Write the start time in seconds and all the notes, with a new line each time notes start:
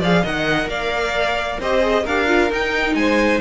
0.00 F3 G#4 D5 F5
0.23 D#3 A#4 D#5 F#5
0.67 A#3 D5 F5
1.60 C4 G4 C5 D#5
1.82 G#4
2.04 D4 G4 A#4 F5
2.27 F4
2.51 D#4 G5
2.95 G#3 C5 G#5